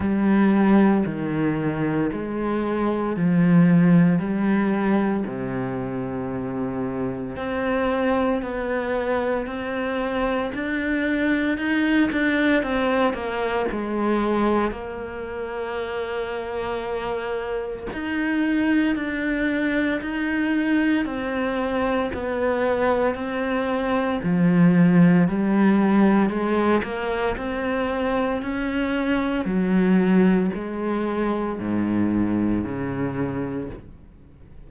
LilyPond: \new Staff \with { instrumentName = "cello" } { \time 4/4 \tempo 4 = 57 g4 dis4 gis4 f4 | g4 c2 c'4 | b4 c'4 d'4 dis'8 d'8 | c'8 ais8 gis4 ais2~ |
ais4 dis'4 d'4 dis'4 | c'4 b4 c'4 f4 | g4 gis8 ais8 c'4 cis'4 | fis4 gis4 gis,4 cis4 | }